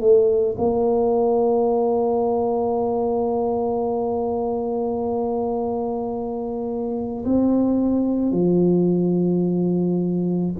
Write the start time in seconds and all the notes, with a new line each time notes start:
0.00 A3
0.58 A#3
7.25 C4
8.31 F3